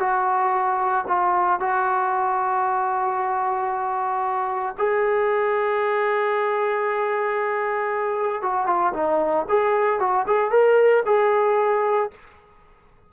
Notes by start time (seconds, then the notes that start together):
0.00 F#4
1.08 F4
1.60 F#4
4.78 G#4
8.43 F#4
8.67 F4
8.94 D#4
9.49 G#4
10.00 F#4
10.27 G#4
10.51 A#4
11.06 G#4